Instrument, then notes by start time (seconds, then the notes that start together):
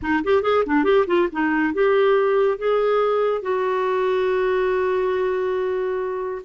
clarinet
0.01 D#4
0.24 G4
0.42 G#4
0.65 D4
0.84 G4
1.06 F4
1.31 D#4
1.73 G4
2.58 G#4
3.42 F#4